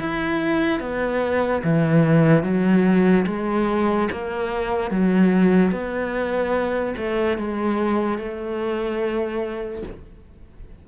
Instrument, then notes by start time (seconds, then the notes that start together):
cello
0.00 E4
0.80 B3
1.63 E3
2.43 F#3
3.27 G#3
4.11 A#3
4.91 F#3
5.71 B3
6.97 A3
7.37 G#3
8.18 A3